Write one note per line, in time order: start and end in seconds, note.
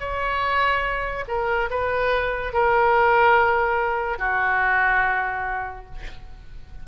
0.00 1.25 C#5
1.28 1.70 A#4
1.71 2.53 B4
2.53 4.19 A#4
4.19 5.86 F#4